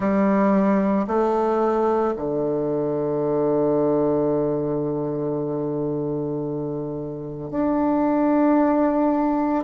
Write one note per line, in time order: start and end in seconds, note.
0.00 1.06 G3
1.07 2.14 A3
2.16 7.50 D3
7.50 9.64 D4